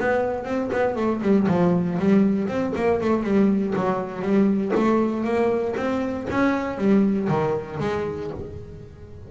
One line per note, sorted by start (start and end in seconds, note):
0.00 0.45 B3
0.45 0.70 C4
0.72 0.96 B3
0.96 1.21 A3
1.22 1.47 G3
1.48 1.98 F3
1.99 2.48 G3
2.48 2.73 C4
2.75 3.01 A#3
3.01 3.24 A3
3.24 3.74 G3
3.76 4.22 F#3
4.22 4.72 G3
4.75 5.24 A3
5.24 5.75 A#3
5.77 6.27 C4
6.30 6.78 C#4
6.78 7.28 G3
7.29 7.79 D#3
7.80 8.31 G#3